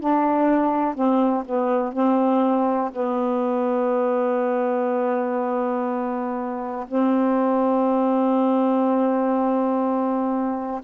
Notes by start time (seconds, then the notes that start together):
0.00 D4
0.95 C4
1.46 B3
1.93 C4
2.92 B3
6.88 C4